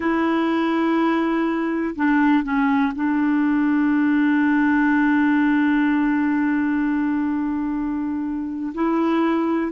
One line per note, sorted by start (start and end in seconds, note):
0.00 1.95 E4
1.95 2.43 D4
2.43 2.92 C#4
2.95 8.73 D4
8.74 9.72 E4